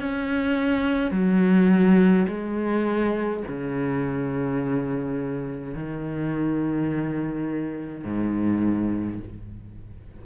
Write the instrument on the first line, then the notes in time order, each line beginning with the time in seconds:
cello
0.00 C#4
1.11 F#3
2.28 G#3
3.48 C#3
5.74 D#3
8.05 G#2